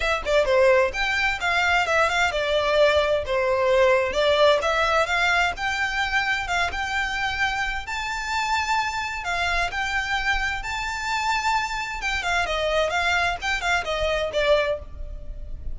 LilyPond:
\new Staff \with { instrumentName = "violin" } { \time 4/4 \tempo 4 = 130 e''8 d''8 c''4 g''4 f''4 | e''8 f''8 d''2 c''4~ | c''4 d''4 e''4 f''4 | g''2 f''8 g''4.~ |
g''4 a''2. | f''4 g''2 a''4~ | a''2 g''8 f''8 dis''4 | f''4 g''8 f''8 dis''4 d''4 | }